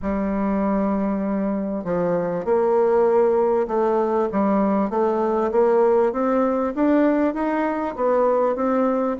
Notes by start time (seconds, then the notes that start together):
0.01 G3
1.84 F3
2.44 A#3
3.67 A3
4.32 G3
4.90 A3
5.51 A#3
6.12 C4
6.75 D4
7.33 D#4
7.95 B3
8.55 C4